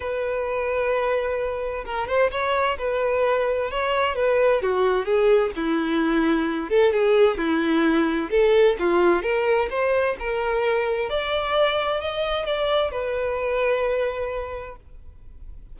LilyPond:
\new Staff \with { instrumentName = "violin" } { \time 4/4 \tempo 4 = 130 b'1 | ais'8 c''8 cis''4 b'2 | cis''4 b'4 fis'4 gis'4 | e'2~ e'8 a'8 gis'4 |
e'2 a'4 f'4 | ais'4 c''4 ais'2 | d''2 dis''4 d''4 | b'1 | }